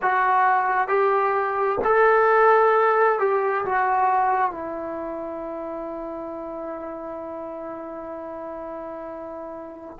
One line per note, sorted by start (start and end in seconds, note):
0.02 0.88 F#4
0.88 1.79 G4
1.84 3.19 A4
3.19 3.64 G4
3.65 4.51 F#4
4.51 9.96 E4